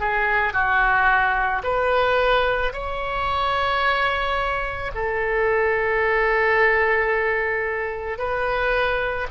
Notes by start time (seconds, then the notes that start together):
0.00 G#4
0.54 F#4
1.64 B4
2.74 C#5
4.95 A4
8.19 B4